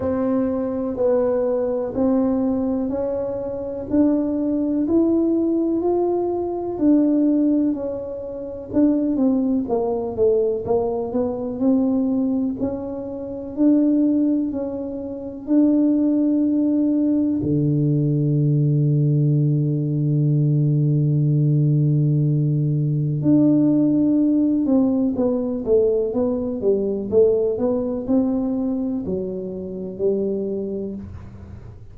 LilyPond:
\new Staff \with { instrumentName = "tuba" } { \time 4/4 \tempo 4 = 62 c'4 b4 c'4 cis'4 | d'4 e'4 f'4 d'4 | cis'4 d'8 c'8 ais8 a8 ais8 b8 | c'4 cis'4 d'4 cis'4 |
d'2 d2~ | d1 | d'4. c'8 b8 a8 b8 g8 | a8 b8 c'4 fis4 g4 | }